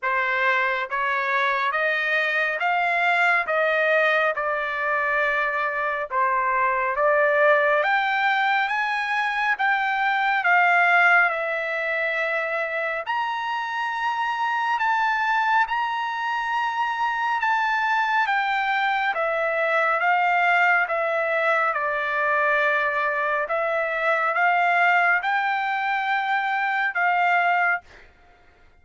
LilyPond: \new Staff \with { instrumentName = "trumpet" } { \time 4/4 \tempo 4 = 69 c''4 cis''4 dis''4 f''4 | dis''4 d''2 c''4 | d''4 g''4 gis''4 g''4 | f''4 e''2 ais''4~ |
ais''4 a''4 ais''2 | a''4 g''4 e''4 f''4 | e''4 d''2 e''4 | f''4 g''2 f''4 | }